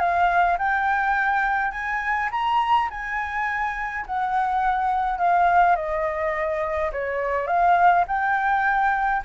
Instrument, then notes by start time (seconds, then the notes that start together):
flute
0.00 F5
0.58 G5
1.72 G#5
2.32 A#5
2.91 G#5
4.06 F#5
5.19 F5
5.76 D#5
6.93 C#5
7.47 F5
8.08 G5